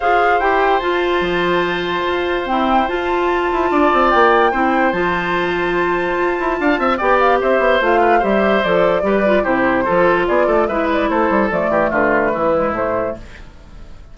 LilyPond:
<<
  \new Staff \with { instrumentName = "flute" } { \time 4/4 \tempo 4 = 146 f''4 g''4 a''2~ | a''2 g''4 a''4~ | a''2 g''2 | a''1~ |
a''4 g''8 f''8 e''4 f''4 | e''4 d''2 c''4~ | c''4 d''4 e''8 d''8 c''4 | d''4 b'2 c''4 | }
  \new Staff \with { instrumentName = "oboe" } { \time 4/4 c''1~ | c''1~ | c''4 d''2 c''4~ | c''1 |
f''8 e''8 d''4 c''4. b'8 | c''2 b'4 g'4 | a'4 gis'8 a'8 b'4 a'4~ | a'8 g'8 f'4 e'2 | }
  \new Staff \with { instrumentName = "clarinet" } { \time 4/4 gis'4 g'4 f'2~ | f'2 c'4 f'4~ | f'2. e'4 | f'1~ |
f'4 g'2 f'4 | g'4 a'4 g'8 f'8 e'4 | f'2 e'2 | a2~ a8 gis8 a4 | }
  \new Staff \with { instrumentName = "bassoon" } { \time 4/4 f'4 e'4 f'4 f4~ | f4 f'4 e'4 f'4~ | f'8 e'8 d'8 c'8 ais4 c'4 | f2. f'8 e'8 |
d'8 c'8 b4 c'8 b8 a4 | g4 f4 g4 c4 | f4 b8 a8 gis4 a8 g8 | f8 e8 d4 e4 a,4 | }
>>